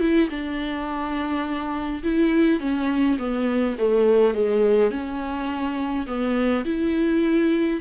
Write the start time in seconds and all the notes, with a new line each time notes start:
0.00 E4
0.30 D4
2.03 E4
2.60 C#4
3.18 B3
3.78 A3
4.34 G#3
4.91 C#4
6.07 B3
6.65 E4